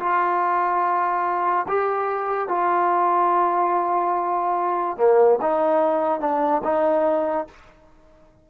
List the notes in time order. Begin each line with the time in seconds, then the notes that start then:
0.00 F4
1.69 G4
2.48 F4
4.98 A#3
5.42 D#4
6.20 D4
6.64 D#4